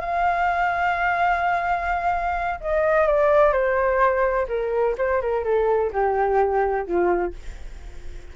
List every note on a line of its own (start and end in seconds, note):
0.00 2.60 F5
2.61 3.07 D#5
3.07 3.53 D5
3.53 4.47 C5
4.48 4.95 A#4
4.98 5.21 C5
5.21 5.44 A#4
5.44 5.91 A4
5.92 6.86 G4
6.86 7.33 F4